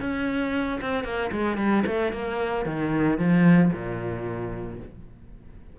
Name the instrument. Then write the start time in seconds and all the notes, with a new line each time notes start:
cello
0.00 C#4
0.81 C4
1.04 A#3
1.31 G#3
1.57 G3
1.86 A3
2.12 A#3
2.65 D#3
3.18 F3
3.73 A#2